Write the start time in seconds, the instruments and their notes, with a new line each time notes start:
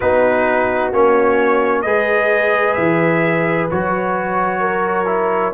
0.00 tuba B3, trombone D#4, horn F#4, trumpet B4
0.92 tuba A#3, trombone C#4, trumpet C#5
1.81 tuba G#3, trombone G#4, horn B4, trumpet D#5
2.73 tuba E3, trumpet E5
3.70 tuba F#3, trombone F#4, trumpet C#5
4.60 horn A#4
5.05 trombone E4